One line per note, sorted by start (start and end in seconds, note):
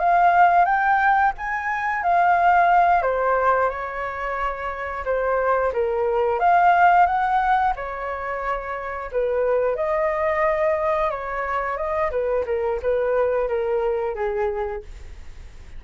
0.00 0.66 F5
0.66 1.33 G5
1.38 2.03 G#5
2.03 3.02 F5
3.02 3.70 C5
3.70 5.05 C#5
5.05 5.73 C5
5.73 6.40 A#4
6.40 7.07 F5
7.07 7.74 F#5
7.76 9.11 C#5
9.12 9.76 B4
9.76 11.11 D#5
11.11 11.78 C#5
11.78 12.11 D#5
12.12 12.45 B4
12.46 12.80 A#4
12.83 13.48 B4
13.48 14.16 A#4
14.16 14.83 G#4